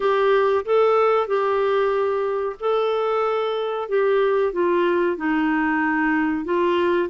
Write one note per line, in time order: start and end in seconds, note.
0.00 0.65 G4
0.65 1.27 A4
1.27 2.56 G4
2.60 3.89 A4
3.89 4.52 G4
4.52 5.16 F4
5.16 6.44 D#4
6.44 7.09 F4